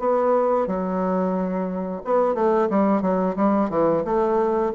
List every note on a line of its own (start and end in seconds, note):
0.00 0.67 B3
0.67 2.02 F#3
2.05 2.35 B3
2.35 2.68 A3
2.70 3.02 G3
3.02 3.36 F#3
3.37 3.70 G3
3.70 4.04 E3
4.05 4.73 A3